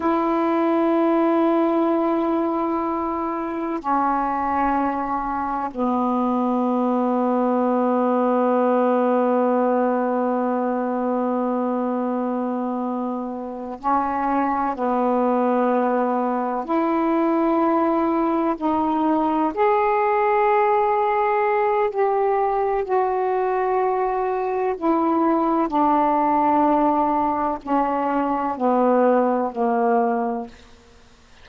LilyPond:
\new Staff \with { instrumentName = "saxophone" } { \time 4/4 \tempo 4 = 63 e'1 | cis'2 b2~ | b1~ | b2~ b8 cis'4 b8~ |
b4. e'2 dis'8~ | dis'8 gis'2~ gis'8 g'4 | fis'2 e'4 d'4~ | d'4 cis'4 b4 ais4 | }